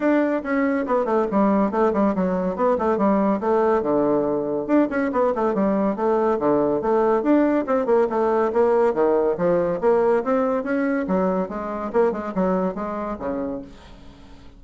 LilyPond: \new Staff \with { instrumentName = "bassoon" } { \time 4/4 \tempo 4 = 141 d'4 cis'4 b8 a8 g4 | a8 g8 fis4 b8 a8 g4 | a4 d2 d'8 cis'8 | b8 a8 g4 a4 d4 |
a4 d'4 c'8 ais8 a4 | ais4 dis4 f4 ais4 | c'4 cis'4 fis4 gis4 | ais8 gis8 fis4 gis4 cis4 | }